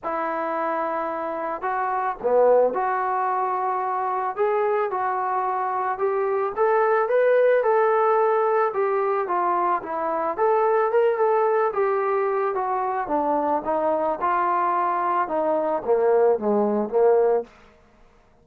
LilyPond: \new Staff \with { instrumentName = "trombone" } { \time 4/4 \tempo 4 = 110 e'2. fis'4 | b4 fis'2. | gis'4 fis'2 g'4 | a'4 b'4 a'2 |
g'4 f'4 e'4 a'4 | ais'8 a'4 g'4. fis'4 | d'4 dis'4 f'2 | dis'4 ais4 gis4 ais4 | }